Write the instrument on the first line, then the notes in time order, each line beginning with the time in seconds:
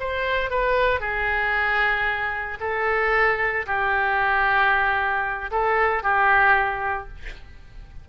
oboe
0.00 C5
0.50 B4
1.00 G#4
2.60 A4
3.66 G4
5.51 A4
6.03 G4